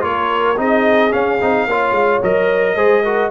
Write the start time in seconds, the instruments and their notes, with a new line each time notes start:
0.00 tuba A#3, trombone F4, horn A#4, trumpet C#5
0.57 tuba C4, trombone D#4, horn G#4, trumpet D#5
1.11 trombone C#4, tuba C#4, trumpet F5
1.41 tuba C4, trombone D#4
1.66 tuba A#3, trombone F4, horn C#5
1.91 tuba G#3
2.22 tuba F#3, trombone A#4, trumpet D#5
2.75 tuba G#3, trombone G#4, horn C5
3.03 trombone F#4, horn A#4